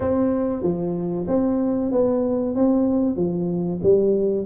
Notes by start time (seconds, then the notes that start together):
0.00 C4
0.62 F3
1.27 C4
1.91 B3
2.55 C4
3.16 F3
3.83 G3